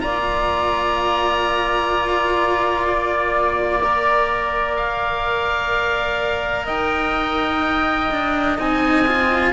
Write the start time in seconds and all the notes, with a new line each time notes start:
0.00 A#3 F4 D5 A#5
2.88 D5
3.83 A#4
4.76 F5
6.64 D#4 D#5 G5
8.11 D4
8.59 C4 D#4 G#5
9.07 F4